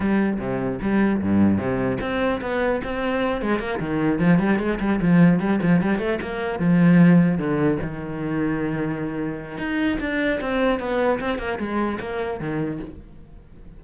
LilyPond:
\new Staff \with { instrumentName = "cello" } { \time 4/4 \tempo 4 = 150 g4 c4 g4 g,4 | c4 c'4 b4 c'4~ | c'8 gis8 ais8 dis4 f8 g8 gis8 | g8 f4 g8 f8 g8 a8 ais8~ |
ais8 f2 d4 dis8~ | dis1 | dis'4 d'4 c'4 b4 | c'8 ais8 gis4 ais4 dis4 | }